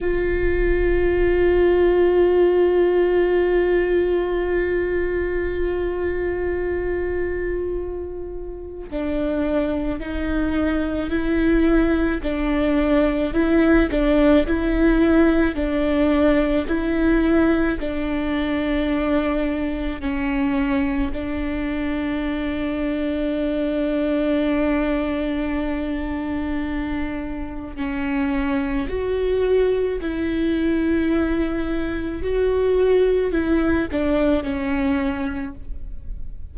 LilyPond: \new Staff \with { instrumentName = "viola" } { \time 4/4 \tempo 4 = 54 f'1~ | f'1 | d'4 dis'4 e'4 d'4 | e'8 d'8 e'4 d'4 e'4 |
d'2 cis'4 d'4~ | d'1~ | d'4 cis'4 fis'4 e'4~ | e'4 fis'4 e'8 d'8 cis'4 | }